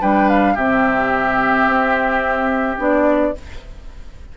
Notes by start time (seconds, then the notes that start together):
0.00 G3 D4 B4 G5
0.28 F5
0.54 C3 C4 G4 E5
1.66 C4
2.77 B3 D4 D5